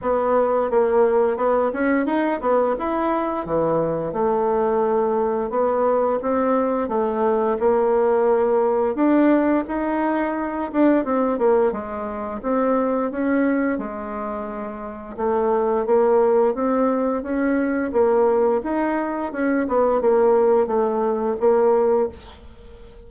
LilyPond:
\new Staff \with { instrumentName = "bassoon" } { \time 4/4 \tempo 4 = 87 b4 ais4 b8 cis'8 dis'8 b8 | e'4 e4 a2 | b4 c'4 a4 ais4~ | ais4 d'4 dis'4. d'8 |
c'8 ais8 gis4 c'4 cis'4 | gis2 a4 ais4 | c'4 cis'4 ais4 dis'4 | cis'8 b8 ais4 a4 ais4 | }